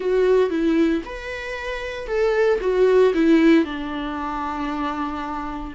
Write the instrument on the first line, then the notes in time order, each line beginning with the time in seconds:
viola
0.00 F#4
0.50 E4
1.05 B4
2.07 A4
2.60 F#4
3.14 E4
3.64 D4